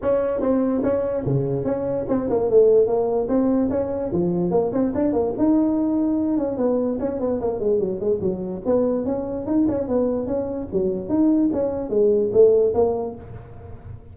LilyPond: \new Staff \with { instrumentName = "tuba" } { \time 4/4 \tempo 4 = 146 cis'4 c'4 cis'4 cis4 | cis'4 c'8 ais8 a4 ais4 | c'4 cis'4 f4 ais8 c'8 | d'8 ais8 dis'2~ dis'8 cis'8 |
b4 cis'8 b8 ais8 gis8 fis8 gis8 | fis4 b4 cis'4 dis'8 cis'8 | b4 cis'4 fis4 dis'4 | cis'4 gis4 a4 ais4 | }